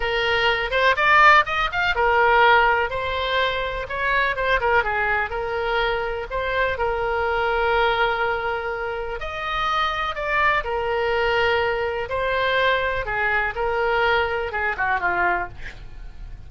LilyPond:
\new Staff \with { instrumentName = "oboe" } { \time 4/4 \tempo 4 = 124 ais'4. c''8 d''4 dis''8 f''8 | ais'2 c''2 | cis''4 c''8 ais'8 gis'4 ais'4~ | ais'4 c''4 ais'2~ |
ais'2. dis''4~ | dis''4 d''4 ais'2~ | ais'4 c''2 gis'4 | ais'2 gis'8 fis'8 f'4 | }